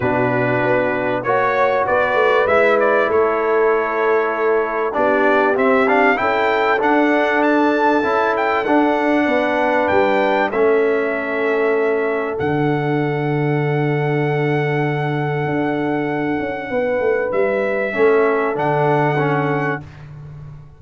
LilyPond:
<<
  \new Staff \with { instrumentName = "trumpet" } { \time 4/4 \tempo 4 = 97 b'2 cis''4 d''4 | e''8 d''8 cis''2. | d''4 e''8 f''8 g''4 fis''4 | a''4. g''8 fis''2 |
g''4 e''2. | fis''1~ | fis''1 | e''2 fis''2 | }
  \new Staff \with { instrumentName = "horn" } { \time 4/4 fis'2 cis''4 b'4~ | b'4 a'2. | g'2 a'2~ | a'2. b'4~ |
b'4 a'2.~ | a'1~ | a'2. b'4~ | b'4 a'2. | }
  \new Staff \with { instrumentName = "trombone" } { \time 4/4 d'2 fis'2 | e'1 | d'4 c'8 d'8 e'4 d'4~ | d'4 e'4 d'2~ |
d'4 cis'2. | d'1~ | d'1~ | d'4 cis'4 d'4 cis'4 | }
  \new Staff \with { instrumentName = "tuba" } { \time 4/4 b,4 b4 ais4 b8 a8 | gis4 a2. | b4 c'4 cis'4 d'4~ | d'4 cis'4 d'4 b4 |
g4 a2. | d1~ | d4 d'4. cis'8 b8 a8 | g4 a4 d2 | }
>>